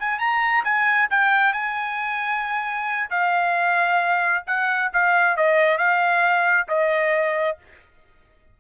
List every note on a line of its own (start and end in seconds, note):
0.00 0.20 G#5
0.20 0.65 A#5
0.65 1.09 G#5
1.11 1.54 G5
1.54 3.10 G#5
3.11 4.45 F5
4.47 4.92 F#5
4.94 5.37 F5
5.37 5.78 D#5
5.78 6.68 F5
6.69 7.58 D#5